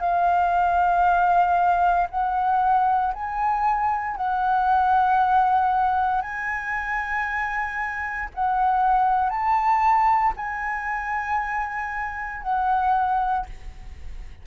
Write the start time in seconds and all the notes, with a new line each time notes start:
0.00 F5
2.10 F#5
3.14 G#5
4.16 F#5
6.22 G#5
8.34 F#5
9.30 A5
10.36 G#5
12.42 F#5